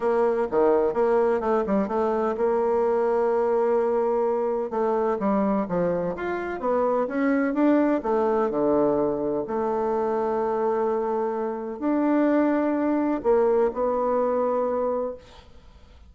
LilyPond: \new Staff \with { instrumentName = "bassoon" } { \time 4/4 \tempo 4 = 127 ais4 dis4 ais4 a8 g8 | a4 ais2.~ | ais2 a4 g4 | f4 f'4 b4 cis'4 |
d'4 a4 d2 | a1~ | a4 d'2. | ais4 b2. | }